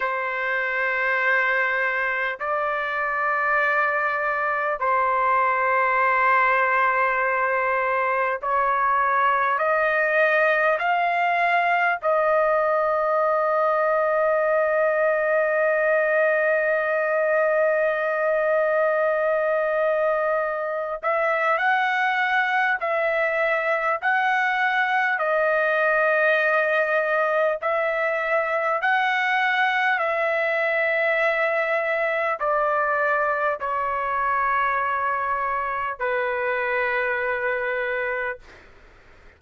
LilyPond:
\new Staff \with { instrumentName = "trumpet" } { \time 4/4 \tempo 4 = 50 c''2 d''2 | c''2. cis''4 | dis''4 f''4 dis''2~ | dis''1~ |
dis''4. e''8 fis''4 e''4 | fis''4 dis''2 e''4 | fis''4 e''2 d''4 | cis''2 b'2 | }